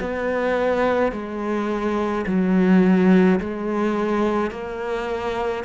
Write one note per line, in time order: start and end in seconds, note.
0.00 1.12 B3
1.12 2.25 G#3
2.26 3.39 F#3
3.40 4.51 G#3
4.51 5.64 A#3